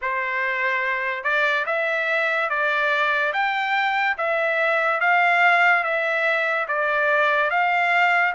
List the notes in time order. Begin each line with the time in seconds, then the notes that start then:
0.02 C5
1.23 D5
1.66 E5
2.49 D5
3.33 G5
4.17 E5
5.00 F5
5.83 E5
6.67 D5
7.50 F5